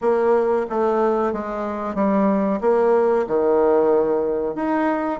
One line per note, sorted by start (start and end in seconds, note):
0.01 0.66 A#3
0.69 1.33 A3
1.33 1.94 G#3
1.94 2.60 G3
2.61 3.26 A#3
3.27 4.55 D#3
4.55 5.20 D#4